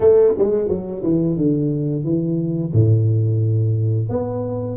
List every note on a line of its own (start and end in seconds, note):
0.00 0.33 A3
0.37 0.68 G#3
0.68 1.02 F#3
1.03 1.36 E3
1.36 2.04 D3
2.04 2.72 E3
2.72 4.09 A2
4.09 4.76 B3